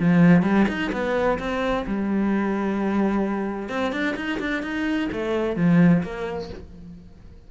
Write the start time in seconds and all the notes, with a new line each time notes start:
0.00 F3
0.43 G3
0.69 D#4
0.93 B3
1.40 C4
1.87 G3
3.70 C4
3.93 D4
4.17 D#4
4.40 D4
4.63 D#4
5.13 A3
5.57 F3
6.03 A#3